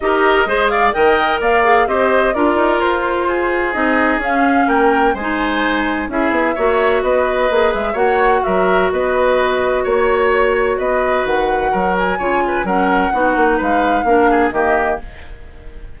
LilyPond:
<<
  \new Staff \with { instrumentName = "flute" } { \time 4/4 \tempo 4 = 128 dis''4. f''8 g''4 f''4 | dis''4 d''4 c''2 | dis''4 f''4 g''4 gis''4~ | gis''4 e''2 dis''4~ |
dis''8 e''8 fis''4 e''4 dis''4~ | dis''4 cis''2 dis''4 | fis''4. gis''4. fis''4~ | fis''4 f''2 dis''4 | }
  \new Staff \with { instrumentName = "oboe" } { \time 4/4 ais'4 c''8 d''8 dis''4 d''4 | c''4 ais'2 gis'4~ | gis'2 ais'4 c''4~ | c''4 gis'4 cis''4 b'4~ |
b'4 cis''4 ais'4 b'4~ | b'4 cis''2 b'4~ | b'4 ais'4 cis''8 b'8 ais'4 | fis'4 b'4 ais'8 gis'8 g'4 | }
  \new Staff \with { instrumentName = "clarinet" } { \time 4/4 g'4 gis'4 ais'4. gis'8 | g'4 f'2. | dis'4 cis'2 dis'4~ | dis'4 e'4 fis'2 |
gis'4 fis'2.~ | fis'1~ | fis'2 f'4 cis'4 | dis'2 d'4 ais4 | }
  \new Staff \with { instrumentName = "bassoon" } { \time 4/4 dis'4 gis4 dis4 ais4 | c'4 d'8 dis'8 f'2 | c'4 cis'4 ais4 gis4~ | gis4 cis'8 b8 ais4 b4 |
ais8 gis8 ais4 fis4 b4~ | b4 ais2 b4 | dis4 fis4 cis4 fis4 | b8 ais8 gis4 ais4 dis4 | }
>>